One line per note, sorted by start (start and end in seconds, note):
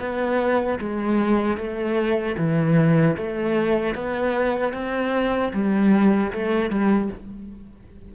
0.00 0.79 B3
0.79 1.57 G#3
1.57 2.36 A3
2.38 3.17 E3
3.17 3.95 A3
3.95 4.73 B3
4.73 5.52 C4
5.53 6.32 G3
6.33 6.70 A3
6.70 7.10 G3